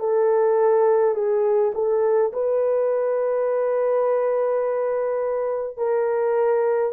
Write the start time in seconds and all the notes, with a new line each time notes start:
0.00 A4
1.14 G#4
1.75 A4
2.33 B4
5.77 A#4